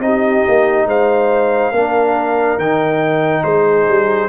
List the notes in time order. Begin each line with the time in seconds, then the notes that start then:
0.00 C4 D#4 G4 D#5
0.48 A#3
0.86 G#3 C5 F5
1.72 A#3 D4 A#4
2.58 D#3 D#4 G5
3.44 G#3 G#4 C5
3.89 G3